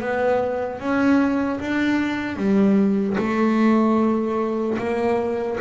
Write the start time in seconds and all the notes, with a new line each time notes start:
0.00 B3
0.80 C#4
1.60 D4
2.37 G3
3.17 A3
4.78 A#3